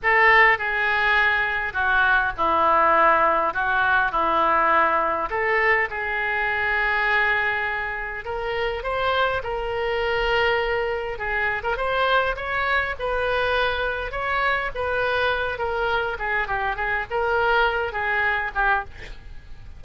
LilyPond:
\new Staff \with { instrumentName = "oboe" } { \time 4/4 \tempo 4 = 102 a'4 gis'2 fis'4 | e'2 fis'4 e'4~ | e'4 a'4 gis'2~ | gis'2 ais'4 c''4 |
ais'2. gis'8. ais'16 | c''4 cis''4 b'2 | cis''4 b'4. ais'4 gis'8 | g'8 gis'8 ais'4. gis'4 g'8 | }